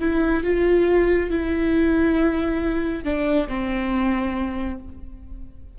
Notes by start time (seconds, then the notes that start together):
0.00 E4
0.44 F4
1.30 E4
3.04 D4
3.48 C4